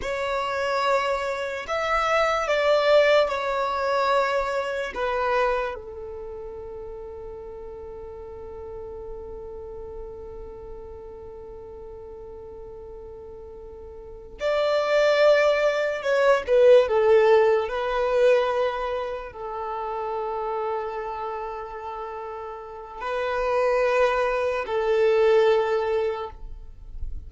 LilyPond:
\new Staff \with { instrumentName = "violin" } { \time 4/4 \tempo 4 = 73 cis''2 e''4 d''4 | cis''2 b'4 a'4~ | a'1~ | a'1~ |
a'4. d''2 cis''8 | b'8 a'4 b'2 a'8~ | a'1 | b'2 a'2 | }